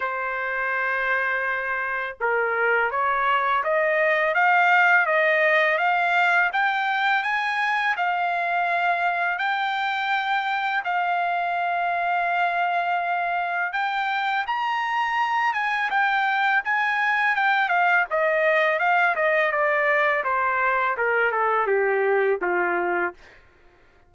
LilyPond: \new Staff \with { instrumentName = "trumpet" } { \time 4/4 \tempo 4 = 83 c''2. ais'4 | cis''4 dis''4 f''4 dis''4 | f''4 g''4 gis''4 f''4~ | f''4 g''2 f''4~ |
f''2. g''4 | ais''4. gis''8 g''4 gis''4 | g''8 f''8 dis''4 f''8 dis''8 d''4 | c''4 ais'8 a'8 g'4 f'4 | }